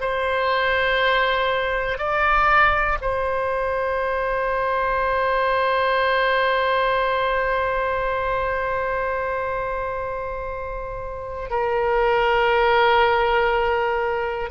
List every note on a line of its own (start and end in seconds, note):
0.00 1.97 C5
1.97 2.97 D5
3.01 11.50 C5
11.50 14.50 A#4